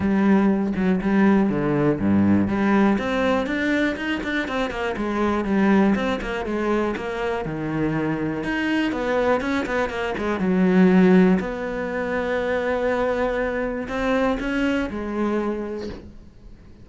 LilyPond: \new Staff \with { instrumentName = "cello" } { \time 4/4 \tempo 4 = 121 g4. fis8 g4 d4 | g,4 g4 c'4 d'4 | dis'8 d'8 c'8 ais8 gis4 g4 | c'8 ais8 gis4 ais4 dis4~ |
dis4 dis'4 b4 cis'8 b8 | ais8 gis8 fis2 b4~ | b1 | c'4 cis'4 gis2 | }